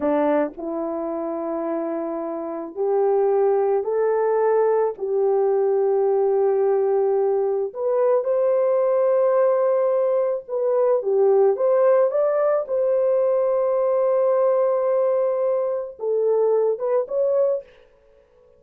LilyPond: \new Staff \with { instrumentName = "horn" } { \time 4/4 \tempo 4 = 109 d'4 e'2.~ | e'4 g'2 a'4~ | a'4 g'2.~ | g'2 b'4 c''4~ |
c''2. b'4 | g'4 c''4 d''4 c''4~ | c''1~ | c''4 a'4. b'8 cis''4 | }